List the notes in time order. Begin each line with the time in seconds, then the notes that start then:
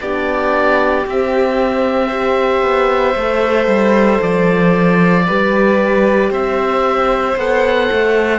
0.00 B3 D4 G4 D5
1.05 C4 E5
2.07 G4 C5
2.62 B3
3.15 A3 A4
3.67 G3
4.22 F3 D5
5.27 G3 G4 B4
6.31 C4 C5 E5
7.37 B3 A4 F#5
7.92 A3